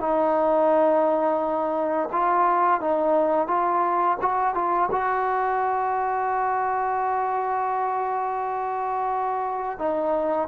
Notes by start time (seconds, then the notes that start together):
0.00 D#4
2.12 F4
2.81 D#4
3.48 F4
4.22 F#4
4.55 F4
4.92 F#4
9.79 D#4